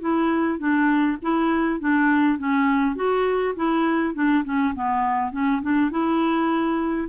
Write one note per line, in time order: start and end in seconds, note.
0.00 0.59 E4
0.59 1.17 D4
1.22 1.80 E4
1.80 2.38 D4
2.38 2.95 C#4
2.95 3.54 F#4
3.56 4.14 E4
4.14 4.44 D4
4.44 4.74 C#4
4.75 5.32 B3
5.32 5.61 C#4
5.62 5.90 D4
5.90 7.08 E4